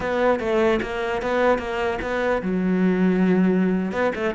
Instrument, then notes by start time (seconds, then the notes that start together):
cello
0.00 B3
0.39 A3
0.81 A#3
1.22 B3
1.58 A#3
2.01 B3
2.42 F#3
3.92 B3
4.15 A3